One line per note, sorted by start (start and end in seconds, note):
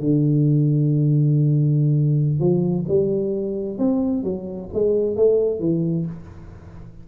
0.00 2.40 D3
2.40 2.86 F3
2.89 3.78 G3
3.78 4.24 C4
4.24 4.70 F#3
4.74 5.16 G#3
5.16 5.60 A3
5.60 6.06 E3